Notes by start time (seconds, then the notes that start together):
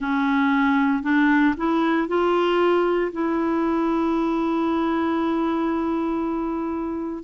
0.00 C#4
1.03 D4
1.57 E4
2.08 F4
3.12 E4